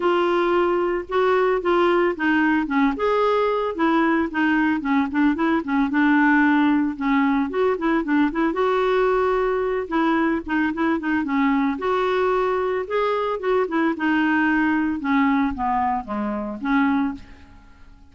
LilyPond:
\new Staff \with { instrumentName = "clarinet" } { \time 4/4 \tempo 4 = 112 f'2 fis'4 f'4 | dis'4 cis'8 gis'4. e'4 | dis'4 cis'8 d'8 e'8 cis'8 d'4~ | d'4 cis'4 fis'8 e'8 d'8 e'8 |
fis'2~ fis'8 e'4 dis'8 | e'8 dis'8 cis'4 fis'2 | gis'4 fis'8 e'8 dis'2 | cis'4 b4 gis4 cis'4 | }